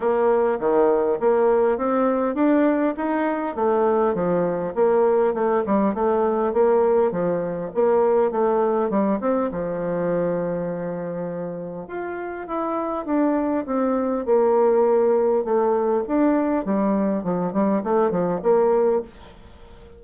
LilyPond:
\new Staff \with { instrumentName = "bassoon" } { \time 4/4 \tempo 4 = 101 ais4 dis4 ais4 c'4 | d'4 dis'4 a4 f4 | ais4 a8 g8 a4 ais4 | f4 ais4 a4 g8 c'8 |
f1 | f'4 e'4 d'4 c'4 | ais2 a4 d'4 | g4 f8 g8 a8 f8 ais4 | }